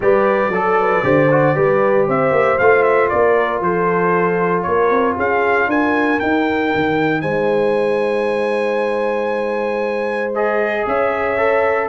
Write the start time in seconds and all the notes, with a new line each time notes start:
0.00 G3 G4 B4 D5
0.49 F#3 A4
0.80 B4
1.03 D3 G4 C5
1.30 F#4
1.55 G3 G4 B4
2.07 C4 C5 E5
2.31 A#3
2.58 A3 F4 F5
2.82 E5
3.09 A#3 A#4 D5
3.60 F3 A4 C5
4.62 A#3 A#4 C#5
4.90 C4
5.16 C#4 G#4 F5
5.67 D4 A#4 G#5
6.19 D#4 G5
6.75 D#3
7.21 G#3 C5 G#5
10.34 G#4 D#5
10.86 C#4 C#5 E5
11.38 A4